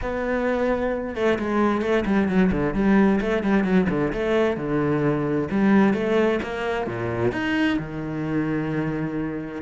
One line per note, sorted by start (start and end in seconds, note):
0.01 1.15 B3
1.15 1.38 A3
1.38 1.81 G#3
1.81 2.04 A3
2.05 2.28 G3
2.28 2.51 F#3
2.51 2.74 D3
2.74 3.19 G3
3.20 3.43 A3
3.43 3.64 G3
3.64 3.87 F#3
3.89 4.12 D3
4.12 4.57 A3
4.57 5.48 D3
5.50 5.93 G3
5.93 6.39 A3
6.42 6.86 A#3
6.86 7.32 A#2
7.32 7.77 D#4
7.79 9.61 D#3